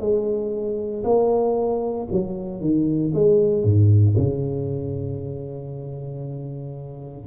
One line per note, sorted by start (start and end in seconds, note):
0.00 1.03 G#3
1.04 2.08 A#3
2.12 2.61 F#3
2.61 3.13 D#3
3.14 3.64 G#3
3.64 4.16 G#2
4.18 7.27 C#3